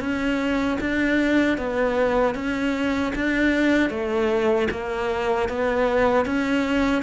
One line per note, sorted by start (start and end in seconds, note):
0.00 0.78 C#4
0.80 1.58 D4
1.58 2.35 B3
2.35 3.13 C#4
3.15 3.90 D4
3.90 4.68 A3
4.71 5.49 A#3
5.49 6.26 B3
6.26 7.02 C#4